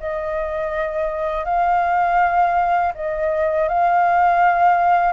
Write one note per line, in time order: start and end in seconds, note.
0.00 1.45 D#5
1.45 2.93 F5
2.95 3.69 D#5
3.69 5.13 F5